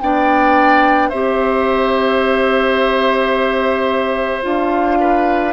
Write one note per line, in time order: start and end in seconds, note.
0.00 1.11 B3
0.00 1.12 D4
0.00 1.09 D5
0.00 1.09 G5
1.09 4.43 C4
1.09 4.41 G4
1.09 4.98 C5
1.09 4.42 E5
4.41 5.53 D4
4.41 5.53 F4
4.41 5.53 F5
5.00 5.53 B4